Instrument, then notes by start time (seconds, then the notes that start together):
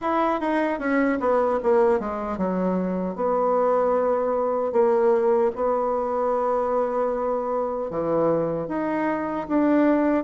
bassoon
0.01 E4
0.40 D#4
0.79 C#4
1.20 B3
1.62 A#3
2.00 G#3
2.37 F#3
3.15 B3
4.72 A#3
5.55 B3
7.90 E3
8.67 D#4
9.48 D4